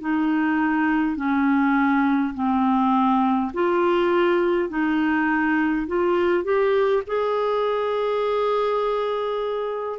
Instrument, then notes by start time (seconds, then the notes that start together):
clarinet
0.00 D#4
1.16 C#4
2.34 C4
3.53 F4
4.69 D#4
5.87 F4
6.44 G4
7.07 G#4